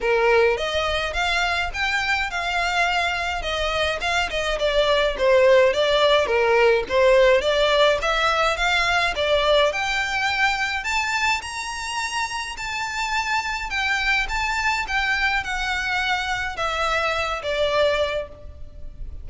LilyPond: \new Staff \with { instrumentName = "violin" } { \time 4/4 \tempo 4 = 105 ais'4 dis''4 f''4 g''4 | f''2 dis''4 f''8 dis''8 | d''4 c''4 d''4 ais'4 | c''4 d''4 e''4 f''4 |
d''4 g''2 a''4 | ais''2 a''2 | g''4 a''4 g''4 fis''4~ | fis''4 e''4. d''4. | }